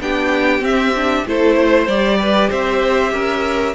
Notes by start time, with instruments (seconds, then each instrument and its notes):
0.00 cello B3, viola D4, violin G4 G5
0.61 cello C4, viola C4, violin E5
0.95 viola D4
1.26 cello A3, viola E4, violin A4 C5
1.55 violin C5
1.87 cello G3, viola G4, violin D5
2.19 violin B4
2.49 cello C4, violin C5 E5
3.12 cello C#4, violin A#4